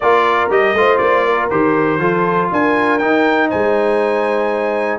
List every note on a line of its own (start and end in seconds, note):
0.00 0.49 A#3
0.00 0.49 F4
0.00 0.78 A#4
0.00 0.50 D5
0.49 0.73 G3
0.49 0.74 G4
0.49 0.97 D#5
0.73 0.98 A3
0.73 1.50 F4
0.73 1.24 C5
0.97 1.50 A#3
0.97 1.47 D5
1.24 1.99 A#4
1.50 1.98 D#3
1.50 2.00 G4
1.50 2.50 C5
1.98 2.48 F3
1.98 3.00 F4
1.98 2.49 A4
2.52 3.01 D4
2.52 3.49 A#4
2.52 2.98 G#5
2.98 4.98 D#4
2.98 3.51 D#4
2.98 3.48 G5
3.49 4.98 G#3
3.49 4.98 C5
3.49 4.98 G#5